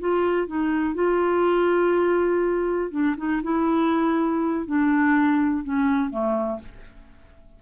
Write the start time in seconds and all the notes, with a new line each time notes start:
0.00 F4
0.47 D#4
0.95 F4
2.91 D4
3.17 D#4
3.43 E4
4.66 D4
5.64 C#4
6.10 A3